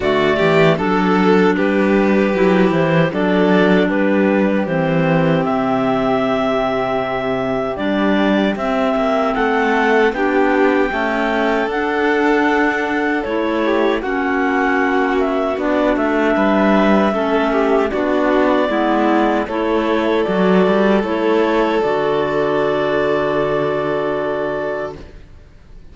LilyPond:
<<
  \new Staff \with { instrumentName = "clarinet" } { \time 4/4 \tempo 4 = 77 d''4 a'4 b'4. c''8 | d''4 b'4 c''4 e''4~ | e''2 d''4 e''4 | fis''4 g''2 fis''4~ |
fis''4 cis''4 fis''4. e''8 | d''8 e''2~ e''8 d''4~ | d''4 cis''4 d''4 cis''4 | d''1 | }
  \new Staff \with { instrumentName = "violin" } { \time 4/4 fis'8 g'8 a'4 g'2 | a'4 g'2.~ | g'1 | a'4 g'4 a'2~ |
a'4. g'8 fis'2~ | fis'4 b'4 a'8 g'8 fis'4 | e'4 a'2.~ | a'1 | }
  \new Staff \with { instrumentName = "clarinet" } { \time 4/4 a4 d'2 e'4 | d'2 c'2~ | c'2 d'4 c'4~ | c'4 d'4 a4 d'4~ |
d'4 e'4 cis'2 | d'2 cis'4 d'4 | b4 e'4 fis'4 e'4 | fis'1 | }
  \new Staff \with { instrumentName = "cello" } { \time 4/4 d8 e8 fis4 g4 fis8 e8 | fis4 g4 e4 c4~ | c2 g4 c'8 ais8 | a4 b4 cis'4 d'4~ |
d'4 a4 ais2 | b8 a8 g4 a4 b4 | gis4 a4 fis8 g8 a4 | d1 | }
>>